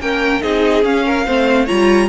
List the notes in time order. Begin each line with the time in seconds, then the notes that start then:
0.00 A#3 C#4 A#4 G5
0.41 C4 D#4 G#4 D#5
0.83 C#4 F5
1.05 A#4
1.25 A3 C4 C5
1.65 G3 F4 C#5 A#5